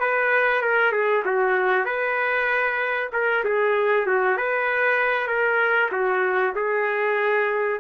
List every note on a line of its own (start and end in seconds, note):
0.00 0.62 B4
0.62 0.92 A#4
0.92 1.23 G#4
1.25 1.85 F#4
1.85 3.10 B4
3.12 3.44 A#4
3.44 4.06 G#4
4.06 4.37 F#4
4.37 5.27 B4
5.27 5.89 A#4
5.91 6.54 F#4
6.55 7.80 G#4